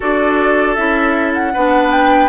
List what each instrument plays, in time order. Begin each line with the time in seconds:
0.00 bassoon D4, clarinet F#4, oboe A4, flute D5
0.74 bassoon C#4, clarinet E4, flute E5
1.33 flute F#5
1.53 bassoon B3, clarinet D4, oboe B4
1.91 flute G5